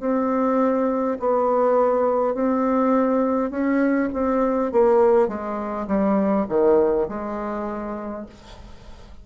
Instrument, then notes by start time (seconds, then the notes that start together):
bassoon
0.00 C4
1.20 B3
2.35 C4
3.51 C#4
4.13 C4
4.72 A#3
5.28 G#3
5.88 G3
6.49 D#3
7.09 G#3